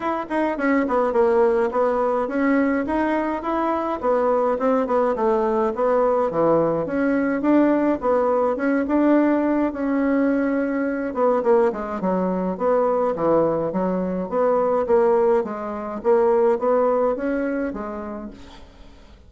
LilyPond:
\new Staff \with { instrumentName = "bassoon" } { \time 4/4 \tempo 4 = 105 e'8 dis'8 cis'8 b8 ais4 b4 | cis'4 dis'4 e'4 b4 | c'8 b8 a4 b4 e4 | cis'4 d'4 b4 cis'8 d'8~ |
d'4 cis'2~ cis'8 b8 | ais8 gis8 fis4 b4 e4 | fis4 b4 ais4 gis4 | ais4 b4 cis'4 gis4 | }